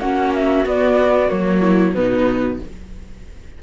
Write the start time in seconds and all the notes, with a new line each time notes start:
0.00 A#3 C#4 F#4 F#5
0.34 E5
0.65 B3 D5
1.28 F#3 A#3 C#5
1.61 E4
1.94 B2 B3 D#4 B4